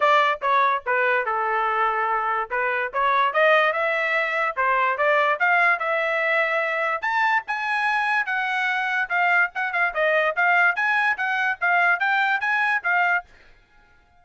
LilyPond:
\new Staff \with { instrumentName = "trumpet" } { \time 4/4 \tempo 4 = 145 d''4 cis''4 b'4 a'4~ | a'2 b'4 cis''4 | dis''4 e''2 c''4 | d''4 f''4 e''2~ |
e''4 a''4 gis''2 | fis''2 f''4 fis''8 f''8 | dis''4 f''4 gis''4 fis''4 | f''4 g''4 gis''4 f''4 | }